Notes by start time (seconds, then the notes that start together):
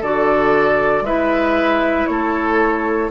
0.00 D3 F#4 A4 D5
1.01 G#3 E4 B4 E5
2.06 A3 A4 C#5